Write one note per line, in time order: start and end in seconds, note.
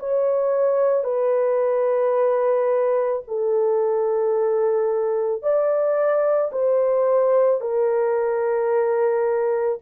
0.00 1.05 C#5
1.05 3.23 B4
3.28 5.42 A4
5.42 6.52 D5
6.53 7.61 C5
7.61 9.79 A#4